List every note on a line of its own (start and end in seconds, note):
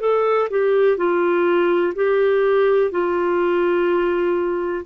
0.00 0.48 A4
0.50 0.97 G4
0.97 1.94 F4
1.96 2.92 G4
2.92 4.85 F4